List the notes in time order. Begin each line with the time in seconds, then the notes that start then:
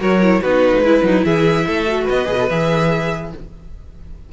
0.00 F#3 F#4 A#4 C#5
0.23 E4
0.42 B3 D#4 F#4 B4
0.75 A3
0.81 G#3 E4
1.04 F#3 D#4
1.25 E3 G#4 E5
1.67 A3 A4
1.88 F#4
2.05 B3 B4 D#5
2.26 B2 G#4
2.39 A4
2.50 E3 G#4 E5